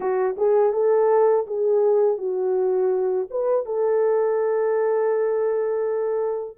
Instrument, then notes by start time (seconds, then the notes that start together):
horn
0.00 F#4
0.37 G#4
0.73 A4
1.46 G#4
2.18 F#4
3.30 B4
3.66 A4